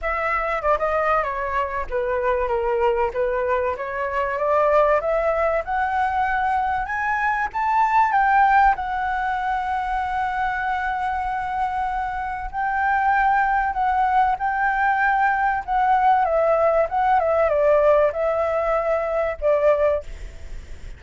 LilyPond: \new Staff \with { instrumentName = "flute" } { \time 4/4 \tempo 4 = 96 e''4 d''16 dis''8. cis''4 b'4 | ais'4 b'4 cis''4 d''4 | e''4 fis''2 gis''4 | a''4 g''4 fis''2~ |
fis''1 | g''2 fis''4 g''4~ | g''4 fis''4 e''4 fis''8 e''8 | d''4 e''2 d''4 | }